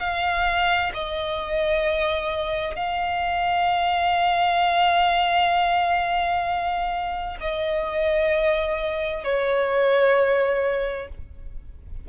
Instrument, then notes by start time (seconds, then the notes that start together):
violin
0.00 F5
0.94 D#5
2.76 F5
7.41 D#5
9.24 C#5